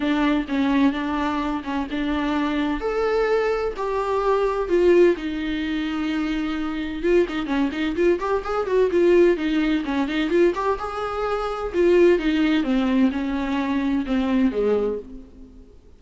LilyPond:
\new Staff \with { instrumentName = "viola" } { \time 4/4 \tempo 4 = 128 d'4 cis'4 d'4. cis'8 | d'2 a'2 | g'2 f'4 dis'4~ | dis'2. f'8 dis'8 |
cis'8 dis'8 f'8 g'8 gis'8 fis'8 f'4 | dis'4 cis'8 dis'8 f'8 g'8 gis'4~ | gis'4 f'4 dis'4 c'4 | cis'2 c'4 gis4 | }